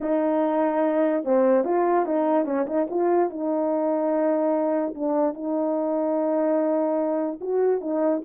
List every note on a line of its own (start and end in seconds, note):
0.01 1.24 D#4
1.24 1.64 C4
1.64 2.05 F4
2.05 2.45 D#4
2.45 2.65 C#4
2.66 2.87 D#4
2.90 3.30 F4
3.30 4.94 D#4
4.94 5.33 D4
5.33 7.39 D#4
7.40 7.81 F#4
7.81 8.22 D#4